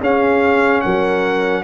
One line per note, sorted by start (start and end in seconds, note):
0.00 0.82 C#4
0.00 1.64 C#4
0.00 0.83 G#4
0.00 0.81 F5
0.81 1.64 F#3
0.81 1.64 A#4
0.81 1.63 F#5